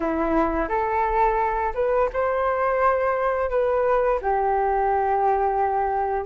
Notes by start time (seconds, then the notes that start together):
0.00 E4
0.68 A4
1.74 B4
2.13 C5
3.49 B4
4.21 G4